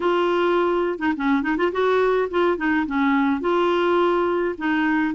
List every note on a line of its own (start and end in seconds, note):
0.00 0.99 F4
0.99 1.13 D#4
1.16 1.42 C#4
1.42 1.56 D#4
1.57 1.71 F4
1.71 2.29 F#4
2.30 2.57 F4
2.57 2.85 D#4
2.86 3.41 C#4
3.41 4.55 F4
4.58 5.14 D#4